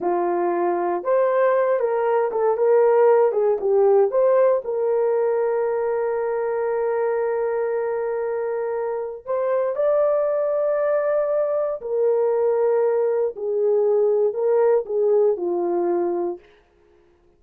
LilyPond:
\new Staff \with { instrumentName = "horn" } { \time 4/4 \tempo 4 = 117 f'2 c''4. ais'8~ | ais'8 a'8 ais'4. gis'8 g'4 | c''4 ais'2.~ | ais'1~ |
ais'2 c''4 d''4~ | d''2. ais'4~ | ais'2 gis'2 | ais'4 gis'4 f'2 | }